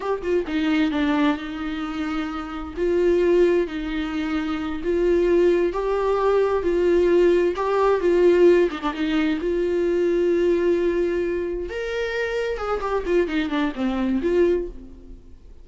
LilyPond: \new Staff \with { instrumentName = "viola" } { \time 4/4 \tempo 4 = 131 g'8 f'8 dis'4 d'4 dis'4~ | dis'2 f'2 | dis'2~ dis'8 f'4.~ | f'8 g'2 f'4.~ |
f'8 g'4 f'4. dis'16 d'16 dis'8~ | dis'8 f'2.~ f'8~ | f'4. ais'2 gis'8 | g'8 f'8 dis'8 d'8 c'4 f'4 | }